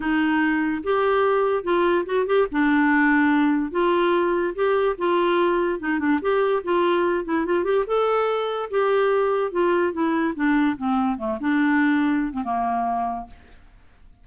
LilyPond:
\new Staff \with { instrumentName = "clarinet" } { \time 4/4 \tempo 4 = 145 dis'2 g'2 | f'4 fis'8 g'8 d'2~ | d'4 f'2 g'4 | f'2 dis'8 d'8 g'4 |
f'4. e'8 f'8 g'8 a'4~ | a'4 g'2 f'4 | e'4 d'4 c'4 a8 d'8~ | d'4.~ d'16 c'16 ais2 | }